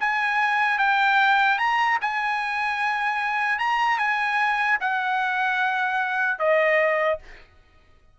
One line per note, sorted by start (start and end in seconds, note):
0.00 0.78 G#5
0.78 1.58 G5
1.58 1.98 A#5
2.01 3.59 G#5
3.59 3.98 A#5
3.98 4.78 G#5
4.80 6.39 F#5
6.39 7.19 D#5